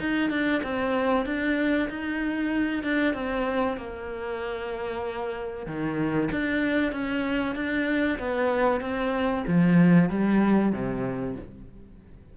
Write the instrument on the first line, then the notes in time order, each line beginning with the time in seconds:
cello
0.00 D#4
0.30 D4
0.63 C4
1.26 D4
1.89 D#4
2.83 D4
3.14 C4
3.77 A#3
5.66 D#3
6.32 D4
6.92 C#4
7.55 D4
8.19 B3
8.81 C4
9.47 F3
10.10 G3
10.73 C3